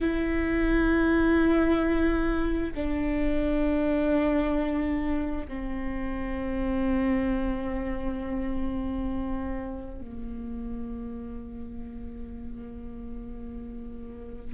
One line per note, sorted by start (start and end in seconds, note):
0.00 2.73 E4
2.74 5.47 D4
5.47 10.01 C4
10.01 14.53 A#3